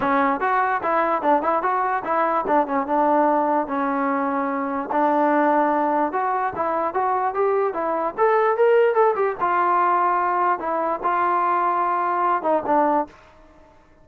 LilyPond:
\new Staff \with { instrumentName = "trombone" } { \time 4/4 \tempo 4 = 147 cis'4 fis'4 e'4 d'8 e'8 | fis'4 e'4 d'8 cis'8 d'4~ | d'4 cis'2. | d'2. fis'4 |
e'4 fis'4 g'4 e'4 | a'4 ais'4 a'8 g'8 f'4~ | f'2 e'4 f'4~ | f'2~ f'8 dis'8 d'4 | }